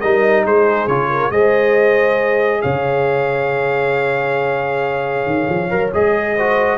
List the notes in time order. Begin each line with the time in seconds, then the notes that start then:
0.00 G3 D#4 A#4 D#5
0.44 G#3 G#4 C5
0.87 C#3 F4 C#5
1.10 A#4
1.31 G#3 G#4 C5 D#5
2.61 C#3 C#5 F5
5.26 D#3
5.49 F3
5.70 F#3 A#4
5.93 G#3 G#4 D#5
6.35 F#4 C5